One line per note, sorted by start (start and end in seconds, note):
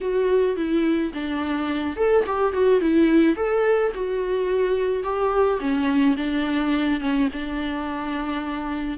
0.00 0.56 F#4
0.56 1.12 E4
1.13 1.96 D4
1.96 2.24 A4
2.26 2.53 G4
2.53 2.80 F#4
2.80 3.35 E4
3.35 3.92 A4
3.94 5.03 F#4
5.03 5.59 G4
5.60 6.16 C#4
6.16 7.00 D4
7.00 7.28 C#4
7.32 8.98 D4